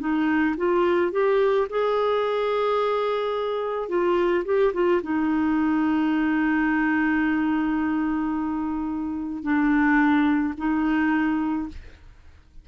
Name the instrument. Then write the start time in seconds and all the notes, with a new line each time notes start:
clarinet
0.00 D#4
0.57 F4
1.12 G4
1.70 G#4
3.89 F4
4.45 G4
4.74 F4
5.03 D#4
9.43 D4
10.58 D#4